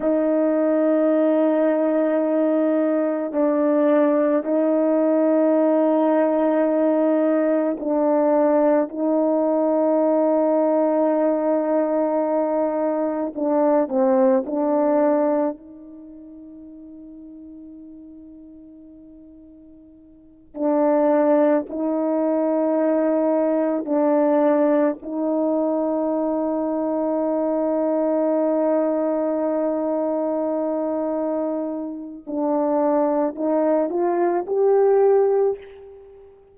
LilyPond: \new Staff \with { instrumentName = "horn" } { \time 4/4 \tempo 4 = 54 dis'2. d'4 | dis'2. d'4 | dis'1 | d'8 c'8 d'4 dis'2~ |
dis'2~ dis'8 d'4 dis'8~ | dis'4. d'4 dis'4.~ | dis'1~ | dis'4 d'4 dis'8 f'8 g'4 | }